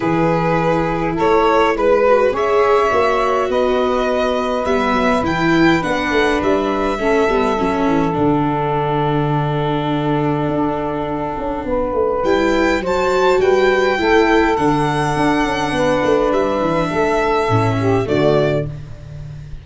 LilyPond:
<<
  \new Staff \with { instrumentName = "violin" } { \time 4/4 \tempo 4 = 103 b'2 cis''4 b'4 | e''2 dis''2 | e''4 g''4 fis''4 e''4~ | e''2 fis''2~ |
fis''1~ | fis''4 g''4 a''4 g''4~ | g''4 fis''2. | e''2. d''4 | }
  \new Staff \with { instrumentName = "saxophone" } { \time 4/4 gis'2 a'4 b'4 | cis''2 b'2~ | b'1 | a'1~ |
a'1 | b'2 c''4 b'4 | a'2. b'4~ | b'4 a'4. g'8 fis'4 | }
  \new Staff \with { instrumentName = "viola" } { \time 4/4 e'2.~ e'8 fis'8 | gis'4 fis'2. | b4 e'4 d'2 | cis'8 b8 cis'4 d'2~ |
d'1~ | d'4 e'4 fis'2 | e'4 d'2.~ | d'2 cis'4 a4 | }
  \new Staff \with { instrumentName = "tuba" } { \time 4/4 e2 a4 gis4 | cis'4 ais4 b2 | g8 fis8 e4 b8 a8 g4 | a8 g8 fis8 e8 d2~ |
d2 d'4. cis'8 | b8 a8 g4 fis4 g4 | a4 d4 d'8 cis'8 b8 a8 | g8 e8 a4 a,4 d4 | }
>>